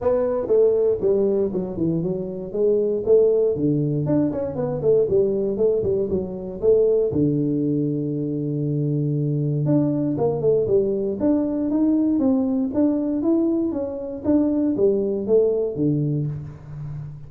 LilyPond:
\new Staff \with { instrumentName = "tuba" } { \time 4/4 \tempo 4 = 118 b4 a4 g4 fis8 e8 | fis4 gis4 a4 d4 | d'8 cis'8 b8 a8 g4 a8 g8 | fis4 a4 d2~ |
d2. d'4 | ais8 a8 g4 d'4 dis'4 | c'4 d'4 e'4 cis'4 | d'4 g4 a4 d4 | }